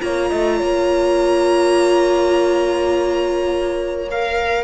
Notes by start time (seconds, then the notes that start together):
0.00 A#3 F4 C#5 A#5
0.29 A3 D#5
0.58 A#3 C#5
4.11 A#4 F5